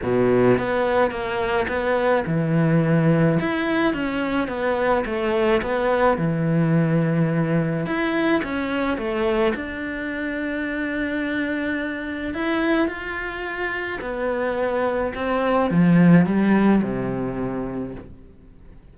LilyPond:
\new Staff \with { instrumentName = "cello" } { \time 4/4 \tempo 4 = 107 b,4 b4 ais4 b4 | e2 e'4 cis'4 | b4 a4 b4 e4~ | e2 e'4 cis'4 |
a4 d'2.~ | d'2 e'4 f'4~ | f'4 b2 c'4 | f4 g4 c2 | }